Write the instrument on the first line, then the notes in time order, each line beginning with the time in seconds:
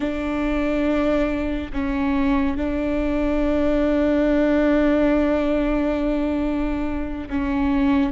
viola
0.00 D4
1.72 C#4
2.57 D4
7.29 C#4